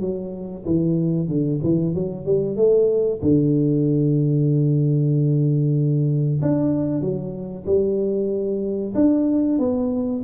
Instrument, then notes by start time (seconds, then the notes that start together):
tuba
0.00 F#3
0.65 E3
1.28 D3
1.63 E3
1.94 F#3
2.25 G3
2.56 A3
3.21 D3
6.41 D4
7.01 F#3
7.65 G3
8.94 D4
9.58 B3